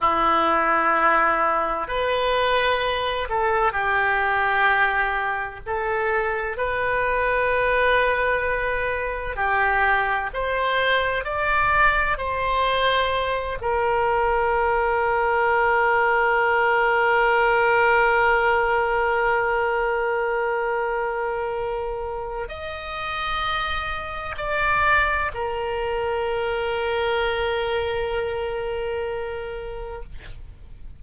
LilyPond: \new Staff \with { instrumentName = "oboe" } { \time 4/4 \tempo 4 = 64 e'2 b'4. a'8 | g'2 a'4 b'4~ | b'2 g'4 c''4 | d''4 c''4. ais'4.~ |
ais'1~ | ais'1 | dis''2 d''4 ais'4~ | ais'1 | }